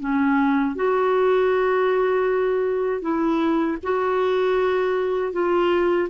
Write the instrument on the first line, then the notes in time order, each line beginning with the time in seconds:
clarinet
0.00 C#4
0.76 F#4
3.01 E4
3.83 F#4
5.33 F4